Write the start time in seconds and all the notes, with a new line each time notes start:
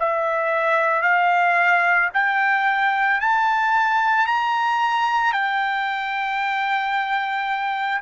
0.00 E5
1.02 F5
2.14 G5
3.21 A5
4.27 A#5
5.32 G5